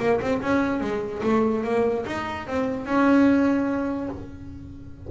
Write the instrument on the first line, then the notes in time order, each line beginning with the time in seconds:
double bass
0.00 A#3
0.21 C4
0.42 C#4
0.81 G#3
1.24 A3
1.64 A#3
2.07 D#4
2.48 C4
2.86 C#4